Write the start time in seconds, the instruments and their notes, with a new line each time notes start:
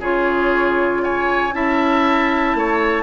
0.00 bassoon C#3, clarinet F4, oboe G#4, flute C#5
1.04 oboe C#5, flute G#5
1.53 bassoon C#4, clarinet E4, oboe E5, flute A5
2.55 bassoon A3, oboe C#5